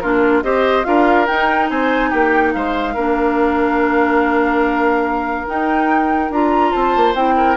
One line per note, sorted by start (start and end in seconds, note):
0.00 0.44 A#3
0.00 0.43 D4
0.00 0.44 F4
0.00 0.42 A#4
0.43 0.85 C4
0.43 0.84 G4
0.43 0.87 C5
0.43 0.85 D#5
0.84 1.29 D4
0.84 1.26 F4
0.84 1.70 A#4
0.84 1.27 F5
1.27 2.95 D#4
1.27 1.70 D#4
1.27 1.69 G5
1.70 2.12 C4
1.70 2.10 C5
1.70 2.11 G#5
2.10 2.55 A#3
2.10 2.52 G4
2.10 2.53 G5
2.54 2.96 G#3
2.54 2.94 C5
2.54 5.47 F5
2.94 5.48 A#3
2.94 5.47 D4
2.94 6.72 A#4
5.47 6.31 D#4
5.47 6.32 G5
6.31 6.73 D4
6.31 7.15 F4
6.31 6.73 A#5
6.72 6.96 C4
6.72 7.35 C5
6.72 7.15 A5
6.96 7.15 A#3
7.15 7.57 C4
7.15 7.57 E4
7.15 7.57 G5
7.37 7.57 A#4